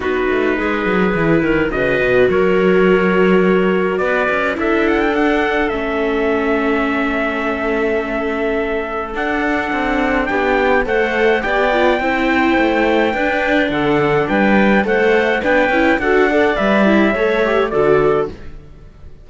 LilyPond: <<
  \new Staff \with { instrumentName = "trumpet" } { \time 4/4 \tempo 4 = 105 b'2. dis''4 | cis''2. d''4 | e''8 fis''16 g''16 fis''4 e''2~ | e''1 |
fis''2 g''4 fis''4 | g''1 | fis''4 g''4 fis''4 g''4 | fis''4 e''2 d''4 | }
  \new Staff \with { instrumentName = "clarinet" } { \time 4/4 fis'4 gis'4. ais'8 b'4 | ais'2. b'4 | a'1~ | a'1~ |
a'2 g'4 c''4 | d''4 c''2 b'4 | a'4 b'4 c''4 b'4 | a'8 d''4. cis''4 a'4 | }
  \new Staff \with { instrumentName = "viola" } { \time 4/4 dis'2 e'4 fis'4~ | fis'1 | e'4 d'4 cis'2~ | cis'1 |
d'2. a'4 | g'8 f'8 e'2 d'4~ | d'2 a'4 d'8 e'8 | fis'8 a'8 b'8 e'8 a'8 g'8 fis'4 | }
  \new Staff \with { instrumentName = "cello" } { \time 4/4 b8 a8 gis8 fis8 e8 dis8 cis8 b,8 | fis2. b8 cis'8 | d'2 a2~ | a1 |
d'4 c'4 b4 a4 | b4 c'4 a4 d'4 | d4 g4 a4 b8 cis'8 | d'4 g4 a4 d4 | }
>>